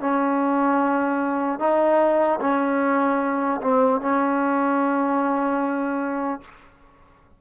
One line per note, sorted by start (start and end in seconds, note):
0.00 1.59 C#4
1.59 2.39 D#4
2.41 3.61 C#4
3.61 4.01 C4
4.01 6.41 C#4